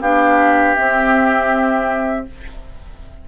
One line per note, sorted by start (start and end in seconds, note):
0.00 0.75 B3
0.00 0.76 D4
0.00 2.25 G4
0.00 0.75 F5
0.75 2.26 C4
0.75 2.28 C4
0.75 2.25 E5